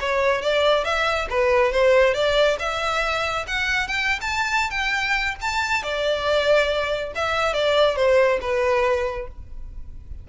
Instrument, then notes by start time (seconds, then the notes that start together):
violin
0.00 C#5
0.41 D5
0.84 E5
1.30 B4
1.72 C5
2.14 D5
2.59 E5
3.47 F#5
3.87 G5
4.21 A5
4.70 G5
5.41 A5
5.83 D5
7.15 E5
7.54 D5
7.96 C5
8.41 B4